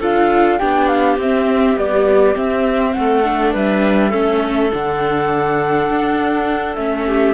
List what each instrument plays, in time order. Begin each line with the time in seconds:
0.00 cello D4, viola F4, clarinet A4, flute F5
0.59 cello B3, viola D4, clarinet G4, flute G5
0.88 flute F5
1.18 cello C4, viola C4, flute E5
1.76 viola G3, cello B3, flute D5
2.35 viola C4, cello C4, flute E5
2.93 cello A3, clarinet A4, flute F#5
3.24 viola D4
3.53 cello G3, clarinet B4, flute E5
4.10 cello A3, viola C#4, clarinet A4
4.71 cello D3, viola D4, flute F#5
5.90 cello D4
6.76 cello A3, viola C#4, flute E5
7.07 clarinet G4